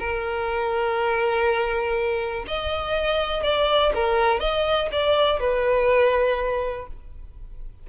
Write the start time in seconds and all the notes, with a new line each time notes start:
0.00 A#4
2.48 D#5
3.44 D5
3.95 A#4
4.40 D#5
4.92 D5
5.40 B4